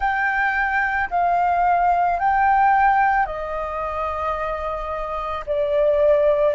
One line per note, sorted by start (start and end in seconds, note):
0.00 1.09 G5
1.10 2.19 F5
2.19 3.26 G5
3.26 5.44 D#5
5.46 6.54 D5